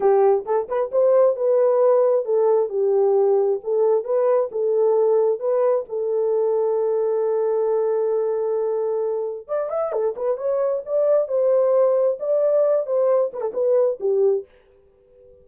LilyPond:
\new Staff \with { instrumentName = "horn" } { \time 4/4 \tempo 4 = 133 g'4 a'8 b'8 c''4 b'4~ | b'4 a'4 g'2 | a'4 b'4 a'2 | b'4 a'2.~ |
a'1~ | a'4 d''8 e''8 a'8 b'8 cis''4 | d''4 c''2 d''4~ | d''8 c''4 b'16 a'16 b'4 g'4 | }